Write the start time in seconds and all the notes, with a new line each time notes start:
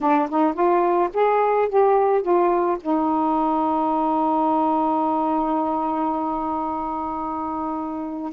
0.01 D4
0.29 D#4
0.53 F4
1.13 G#4
1.68 G4
2.22 F4
2.80 D#4